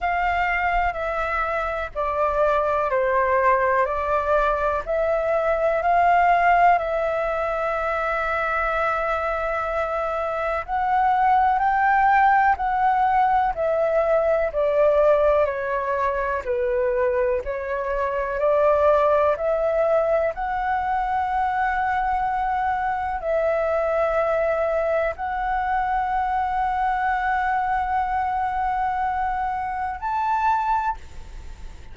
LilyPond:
\new Staff \with { instrumentName = "flute" } { \time 4/4 \tempo 4 = 62 f''4 e''4 d''4 c''4 | d''4 e''4 f''4 e''4~ | e''2. fis''4 | g''4 fis''4 e''4 d''4 |
cis''4 b'4 cis''4 d''4 | e''4 fis''2. | e''2 fis''2~ | fis''2. a''4 | }